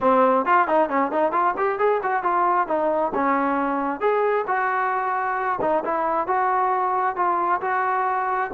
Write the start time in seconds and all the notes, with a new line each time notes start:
0.01 C4
0.45 F4
0.67 D#4
0.89 C#4
1.11 D#4
1.32 F4
1.57 G4
1.78 G#4
2.02 F#4
2.23 F4
2.67 D#4
3.14 C#4
4.00 G#4
4.47 F#4
5.61 D#4
5.84 E4
6.27 F#4
7.16 F4
7.61 F#4